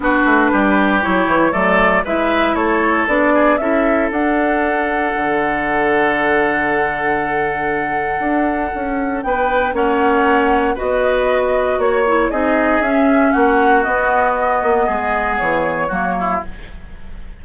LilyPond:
<<
  \new Staff \with { instrumentName = "flute" } { \time 4/4 \tempo 4 = 117 b'2 cis''4 d''4 | e''4 cis''4 d''4 e''4 | fis''1~ | fis''1~ |
fis''2 g''4 fis''4~ | fis''4 dis''2 cis''4 | dis''4 e''4 fis''4 dis''4~ | dis''2 cis''2 | }
  \new Staff \with { instrumentName = "oboe" } { \time 4/4 fis'4 g'2 a'4 | b'4 a'4. gis'8 a'4~ | a'1~ | a'1~ |
a'2 b'4 cis''4~ | cis''4 b'2 cis''4 | gis'2 fis'2~ | fis'4 gis'2 fis'8 e'8 | }
  \new Staff \with { instrumentName = "clarinet" } { \time 4/4 d'2 e'4 a4 | e'2 d'4 e'4 | d'1~ | d'1~ |
d'2. cis'4~ | cis'4 fis'2~ fis'8 e'8 | dis'4 cis'2 b4~ | b2. ais4 | }
  \new Staff \with { instrumentName = "bassoon" } { \time 4/4 b8 a8 g4 fis8 e8 fis4 | gis4 a4 b4 cis'4 | d'2 d2~ | d1 |
d'4 cis'4 b4 ais4~ | ais4 b2 ais4 | c'4 cis'4 ais4 b4~ | b8 ais8 gis4 e4 fis4 | }
>>